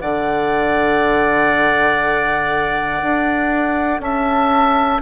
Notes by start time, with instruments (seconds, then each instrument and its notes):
0.00 bassoon D3, clarinet A4, oboe D5, flute F#5
3.02 bassoon D4
4.00 bassoon C#4, oboe E5, flute A5